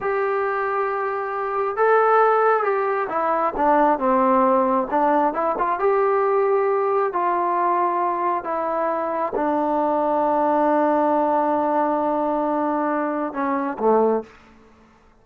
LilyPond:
\new Staff \with { instrumentName = "trombone" } { \time 4/4 \tempo 4 = 135 g'1 | a'2 g'4 e'4 | d'4 c'2 d'4 | e'8 f'8 g'2. |
f'2. e'4~ | e'4 d'2.~ | d'1~ | d'2 cis'4 a4 | }